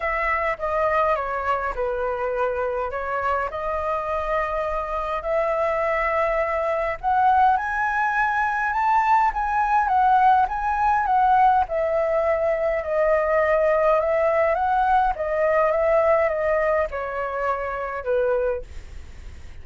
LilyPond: \new Staff \with { instrumentName = "flute" } { \time 4/4 \tempo 4 = 103 e''4 dis''4 cis''4 b'4~ | b'4 cis''4 dis''2~ | dis''4 e''2. | fis''4 gis''2 a''4 |
gis''4 fis''4 gis''4 fis''4 | e''2 dis''2 | e''4 fis''4 dis''4 e''4 | dis''4 cis''2 b'4 | }